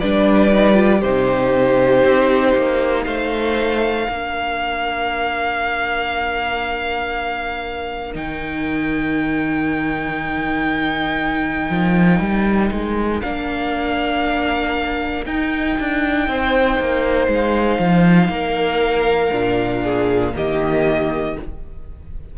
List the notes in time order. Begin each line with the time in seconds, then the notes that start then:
0.00 G3 D4 B4 D5
0.51 D#4
0.74 F4
1.00 C3 D#4 G4 C5
2.04 C4
2.55 A#3
3.04 A3 C5 F5
4.07 A#3 D4 A#4
8.13 D#3 D#4 G5
11.70 F3
12.20 G3
12.71 G#3
13.21 A#3 D4 F5
15.26 D#4 G5
15.80 D4
16.28 C4 C5
16.80 A#3
17.28 G#3
17.34 F5
17.79 F3
18.29 A#3 A#4
19.32 A#2 D4
19.83 G#4
20.33 D#3 A#3 G4 D#5